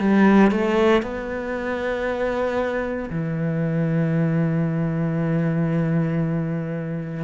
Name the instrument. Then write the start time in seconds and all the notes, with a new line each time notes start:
cello
0.00 G3
0.51 A3
1.03 B3
3.10 E3